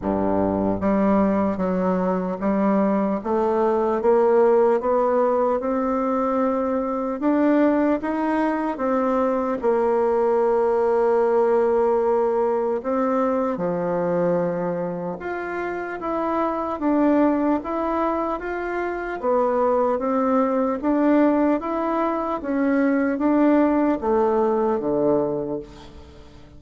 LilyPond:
\new Staff \with { instrumentName = "bassoon" } { \time 4/4 \tempo 4 = 75 g,4 g4 fis4 g4 | a4 ais4 b4 c'4~ | c'4 d'4 dis'4 c'4 | ais1 |
c'4 f2 f'4 | e'4 d'4 e'4 f'4 | b4 c'4 d'4 e'4 | cis'4 d'4 a4 d4 | }